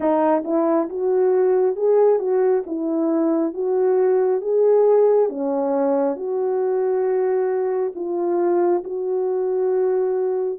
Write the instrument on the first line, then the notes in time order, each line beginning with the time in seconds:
horn
0.00 D#4
0.44 E4
0.89 F#4
1.76 G#4
2.19 F#4
2.66 E4
3.53 F#4
4.41 G#4
5.29 C#4
6.15 F#4
7.95 F4
8.84 F#4